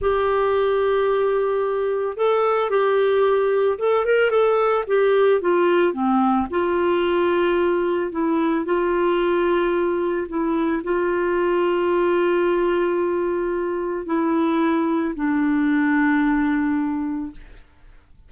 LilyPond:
\new Staff \with { instrumentName = "clarinet" } { \time 4/4 \tempo 4 = 111 g'1 | a'4 g'2 a'8 ais'8 | a'4 g'4 f'4 c'4 | f'2. e'4 |
f'2. e'4 | f'1~ | f'2 e'2 | d'1 | }